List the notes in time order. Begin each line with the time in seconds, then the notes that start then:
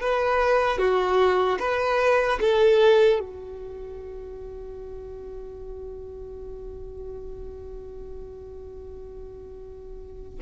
0.00 B4
0.78 F#4
1.59 B4
2.40 A4
3.19 F#4